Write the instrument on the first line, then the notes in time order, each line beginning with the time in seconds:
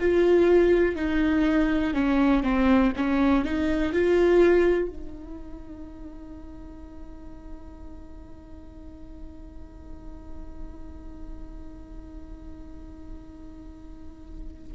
viola
0.00 F4
0.96 D#4
1.94 C#4
2.44 C4
2.97 C#4
3.46 D#4
3.93 F4
4.89 D#4